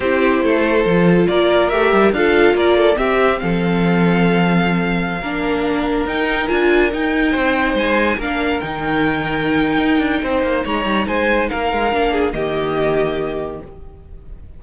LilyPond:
<<
  \new Staff \with { instrumentName = "violin" } { \time 4/4 \tempo 4 = 141 c''2. d''4 | e''4 f''4 d''4 e''4 | f''1~ | f''2~ f''16 g''4 gis''8.~ |
gis''16 g''2 gis''4 f''8.~ | f''16 g''2.~ g''8.~ | g''4 ais''4 gis''4 f''4~ | f''4 dis''2. | }
  \new Staff \with { instrumentName = "violin" } { \time 4/4 g'4 a'2 ais'4~ | ais'4 a'4 ais'8 a'8 g'4 | a'1~ | a'16 ais'2.~ ais'8.~ |
ais'4~ ais'16 c''2 ais'8.~ | ais'1 | c''4 cis''4 c''4 ais'4~ | ais'8 gis'8 g'2. | }
  \new Staff \with { instrumentName = "viola" } { \time 4/4 e'2 f'2 | g'4 f'2 c'4~ | c'1~ | c'16 d'2 dis'4 f'8.~ |
f'16 dis'2. d'8.~ | d'16 dis'2.~ dis'8.~ | dis'1 | d'4 ais2. | }
  \new Staff \with { instrumentName = "cello" } { \time 4/4 c'4 a4 f4 ais4 | a8 g8 d'4 ais4 c'4 | f1~ | f16 ais2 dis'4 d'8.~ |
d'16 dis'4 c'4 gis4 ais8.~ | ais16 dis2~ dis8. dis'8 d'8 | c'8 ais8 gis8 g8 gis4 ais8 gis8 | ais4 dis2. | }
>>